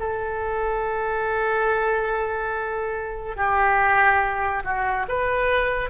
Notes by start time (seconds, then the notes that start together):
0.00 A4
3.37 G4
4.64 F#4
5.09 B4